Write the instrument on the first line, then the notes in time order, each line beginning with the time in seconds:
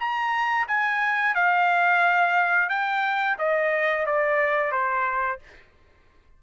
trumpet
0.00 A#5
0.68 G#5
1.35 F5
2.70 G5
3.39 D#5
4.07 D5
4.72 C5